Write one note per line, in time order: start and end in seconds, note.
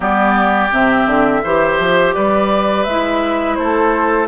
0.00 0.71 G3
0.00 0.68 B3
0.00 1.41 G4
0.00 0.72 D5
0.71 1.06 C3
0.71 1.43 C4
0.71 2.14 E5
1.06 1.42 D3
1.43 1.79 E3
1.43 2.88 G4
1.43 2.14 C5
1.79 2.15 F3
2.14 2.86 G3
2.14 3.57 B4
2.14 2.83 D5
2.83 3.58 G#3
2.83 4.28 E4
2.83 3.55 E5
3.55 4.28 A3
3.55 4.28 A4
3.55 4.26 C5